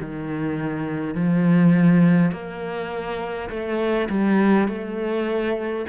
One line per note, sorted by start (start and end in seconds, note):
0.00 1.14 D#3
1.14 2.32 F3
2.32 3.49 A#3
3.50 4.09 A3
4.09 4.68 G3
4.68 5.86 A3